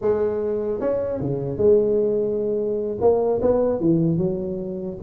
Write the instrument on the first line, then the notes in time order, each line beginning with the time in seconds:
tuba
0.01 G#3
0.80 C#4
1.20 C#3
1.57 G#3
3.00 A#3
3.41 B3
3.80 E3
4.17 F#3